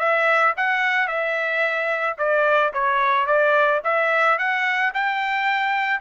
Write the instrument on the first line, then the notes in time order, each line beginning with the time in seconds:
trumpet
0.00 E5
0.57 F#5
1.08 E5
2.19 D5
2.74 C#5
3.27 D5
3.85 E5
4.39 F#5
4.94 G5